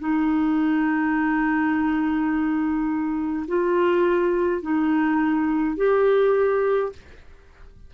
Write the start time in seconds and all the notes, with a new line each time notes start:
0.00 D#4
3.48 F4
4.62 D#4
5.77 G4